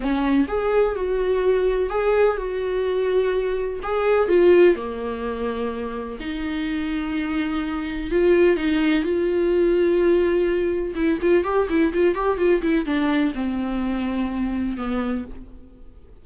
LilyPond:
\new Staff \with { instrumentName = "viola" } { \time 4/4 \tempo 4 = 126 cis'4 gis'4 fis'2 | gis'4 fis'2. | gis'4 f'4 ais2~ | ais4 dis'2.~ |
dis'4 f'4 dis'4 f'4~ | f'2. e'8 f'8 | g'8 e'8 f'8 g'8 f'8 e'8 d'4 | c'2. b4 | }